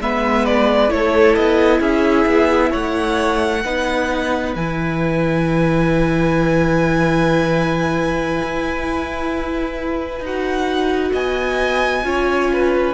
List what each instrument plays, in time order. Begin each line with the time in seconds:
0.00 cello G#3, viola B3, violin B4 E5
0.45 violin D5
0.89 cello A3, viola E4, violin A4 C#5
1.35 cello B3, violin D#5
1.80 cello C#4, violin G#4 E5
2.25 cello B3
2.70 cello A3, violin C#5 F#5
3.64 cello B3, viola D#4, violin B4
4.55 cello E3, viola E4, violin G#5
8.42 cello E4
10.20 cello D#4, viola F#4, violin F#5
11.12 cello B3, violin D#5 G#5
12.03 cello C#4, viola F4, violin C#5
12.52 violin B4